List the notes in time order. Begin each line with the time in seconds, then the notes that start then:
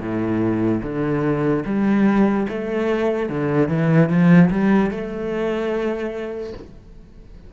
0.00 A2
0.83 D3
1.65 G3
2.48 A3
3.29 D3
3.69 E3
4.09 F3
4.50 G3
4.91 A3